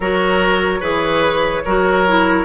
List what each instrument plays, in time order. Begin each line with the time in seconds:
0.00 bassoon F#3, clarinet F#4, oboe A#4, flute C#5
0.80 bassoon E3, clarinet G#4, oboe B4
1.65 bassoon F#3, clarinet F#4, oboe A#4
2.07 clarinet E4